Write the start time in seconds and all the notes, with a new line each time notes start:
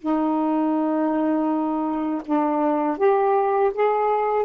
0.00 D#4
2.26 D4
2.98 G4
3.74 G#4